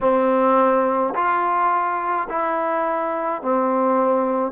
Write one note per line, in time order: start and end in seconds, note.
0.00 1.13 C4
1.14 2.27 F4
2.29 3.42 E4
3.42 4.52 C4